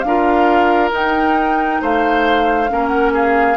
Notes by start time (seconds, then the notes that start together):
0.00 D4 F5
0.06 F4 A#4
0.91 D#4 G5
1.81 A3 C5 F5
2.68 A#3 C#4 A#4
2.87 F#5
3.13 G#4 F5